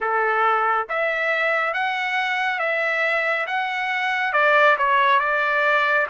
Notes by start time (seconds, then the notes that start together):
0.00 A4
0.89 E5
1.74 F#5
2.59 E5
3.47 F#5
4.32 D5
4.77 C#5
5.19 D5